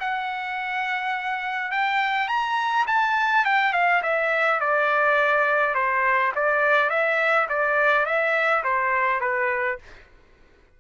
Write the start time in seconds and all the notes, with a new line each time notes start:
0.00 F#5
1.71 G5
2.28 A#5
2.87 A5
3.45 G5
3.73 F5
4.03 E5
4.60 D5
5.75 C5
6.35 D5
6.89 E5
7.49 D5
8.06 E5
8.64 C5
9.21 B4